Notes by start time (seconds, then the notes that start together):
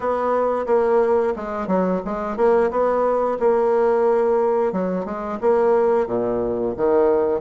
0.00 B3
0.66 A#3
1.36 G#3
1.67 F#3
2.05 G#3
2.36 A#3
2.70 B3
3.39 A#3
4.72 F#3
5.05 G#3
5.40 A#3
6.06 A#2
6.77 D#3